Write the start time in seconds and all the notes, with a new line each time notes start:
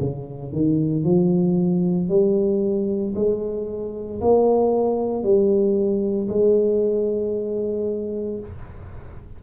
0.00 C#3
0.52 D#3
1.04 F3
2.09 G3
3.15 G#3
4.21 A#3
5.23 G3
6.29 G#3